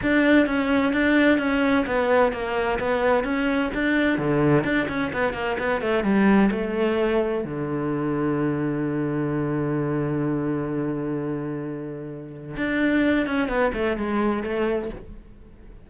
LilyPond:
\new Staff \with { instrumentName = "cello" } { \time 4/4 \tempo 4 = 129 d'4 cis'4 d'4 cis'4 | b4 ais4 b4 cis'4 | d'4 d4 d'8 cis'8 b8 ais8 | b8 a8 g4 a2 |
d1~ | d1~ | d2. d'4~ | d'8 cis'8 b8 a8 gis4 a4 | }